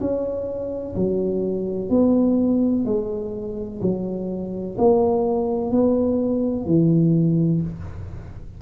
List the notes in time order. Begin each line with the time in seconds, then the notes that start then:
0.00 C#4
0.96 F#3
1.90 B3
2.85 G#3
3.81 F#3
4.78 A#3
5.71 B3
6.66 E3